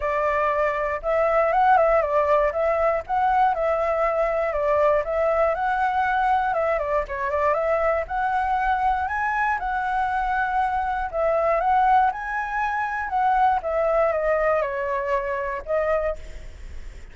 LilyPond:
\new Staff \with { instrumentName = "flute" } { \time 4/4 \tempo 4 = 119 d''2 e''4 fis''8 e''8 | d''4 e''4 fis''4 e''4~ | e''4 d''4 e''4 fis''4~ | fis''4 e''8 d''8 cis''8 d''8 e''4 |
fis''2 gis''4 fis''4~ | fis''2 e''4 fis''4 | gis''2 fis''4 e''4 | dis''4 cis''2 dis''4 | }